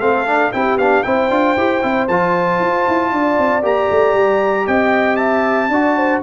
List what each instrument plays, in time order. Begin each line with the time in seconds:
0.00 tuba A3, trombone C4, horn A4, trumpet F5
0.27 trombone D4
0.52 tuba C4, trombone E4, horn G4, trumpet G5
0.77 tuba B3, trombone D4, trumpet F5
1.03 tuba C4, trombone E4, horn C5, trumpet G5
1.30 tuba D4, trombone F4
1.56 tuba E4, trombone G4
1.82 tuba C4, trombone E4
2.08 tuba F3, trombone F4, trumpet A5
2.60 tuba F4
2.88 tuba E4
3.12 tuba D4, horn D5
3.38 tuba C4
3.62 tuba A#3, trombone G4, trumpet A#5
3.91 tuba A3
4.14 tuba G3
4.67 tuba C4, horn D#5, trumpet G5
5.16 horn E5, trumpet A5
5.69 tuba D4, trombone F#4, horn D5
5.96 horn C5